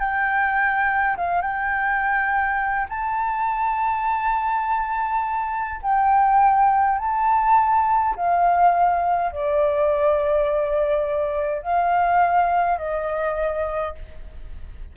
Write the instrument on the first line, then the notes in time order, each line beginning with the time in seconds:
flute
0.00 G5
1.17 F5
1.42 G5
2.90 A5
5.83 G5
6.99 A5
8.16 F5
9.32 D5
11.63 F5
12.78 D#5